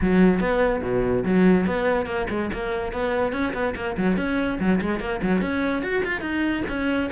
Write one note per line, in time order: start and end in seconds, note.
0.01 0.39 F#3
0.39 0.81 B3
0.82 1.24 B2
1.25 1.66 F#3
1.66 2.06 B3
2.06 2.27 A#3
2.29 2.50 G#3
2.53 2.92 A#3
2.92 3.32 B3
3.32 3.53 C#4
3.53 3.74 B3
3.75 3.96 A#3
3.97 4.17 F#3
4.17 4.58 C#4
4.59 4.80 F#3
4.81 5.00 G#3
5.00 5.20 A#3
5.22 5.41 F#3
5.41 5.82 C#4
5.82 6.03 F#4
6.04 6.21 F4
6.21 6.62 D#4
6.68 7.09 C#4